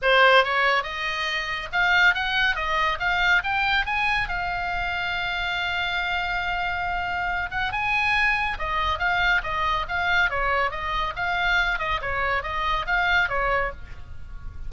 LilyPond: \new Staff \with { instrumentName = "oboe" } { \time 4/4 \tempo 4 = 140 c''4 cis''4 dis''2 | f''4 fis''4 dis''4 f''4 | g''4 gis''4 f''2~ | f''1~ |
f''4. fis''8 gis''2 | dis''4 f''4 dis''4 f''4 | cis''4 dis''4 f''4. dis''8 | cis''4 dis''4 f''4 cis''4 | }